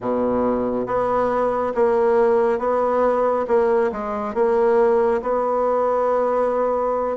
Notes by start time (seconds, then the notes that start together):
0.00 B2
0.86 B3
1.74 A#3
2.58 B3
3.47 A#3
3.91 G#3
4.34 A#3
5.22 B3